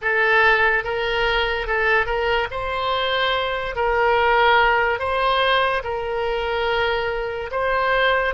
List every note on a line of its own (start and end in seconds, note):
0.01 0.84 A4
0.84 1.67 A#4
1.67 2.06 A4
2.06 2.47 A#4
2.50 3.75 C5
3.75 4.98 A#4
4.98 5.82 C5
5.83 7.50 A#4
7.51 8.34 C5